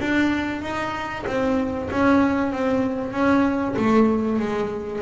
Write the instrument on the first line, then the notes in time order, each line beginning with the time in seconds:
double bass
0.00 D4
0.61 D#4
1.26 C4
1.91 C#4
2.52 C4
3.12 C#4
3.76 A3
4.39 G#3